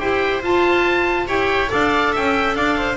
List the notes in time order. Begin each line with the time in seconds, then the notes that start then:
0.00 E4 G4 C5 G5
0.43 F4 A5
1.27 E4 G4 C#5 G5
1.68 D4 A4 D5 F5
2.13 C#4 E5 G5
2.55 D4 D5 F5
2.78 C5